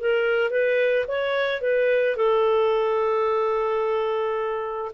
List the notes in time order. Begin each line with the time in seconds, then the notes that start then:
0.00 A#4
0.51 B4
1.08 C#5
1.62 B4
2.17 A4